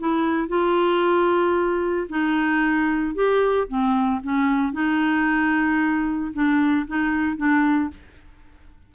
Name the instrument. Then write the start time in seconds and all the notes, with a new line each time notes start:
clarinet
0.00 E4
0.49 F4
2.10 D#4
3.15 G4
3.68 C4
4.24 C#4
4.73 D#4
6.34 D4
6.87 D#4
7.37 D4